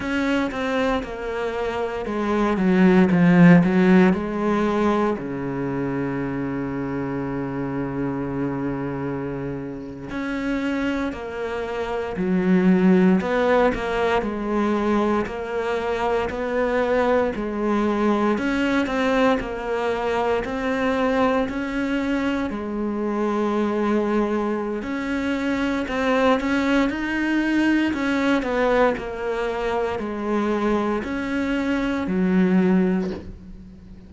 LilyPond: \new Staff \with { instrumentName = "cello" } { \time 4/4 \tempo 4 = 58 cis'8 c'8 ais4 gis8 fis8 f8 fis8 | gis4 cis2.~ | cis4.~ cis16 cis'4 ais4 fis16~ | fis8. b8 ais8 gis4 ais4 b16~ |
b8. gis4 cis'8 c'8 ais4 c'16~ | c'8. cis'4 gis2~ gis16 | cis'4 c'8 cis'8 dis'4 cis'8 b8 | ais4 gis4 cis'4 fis4 | }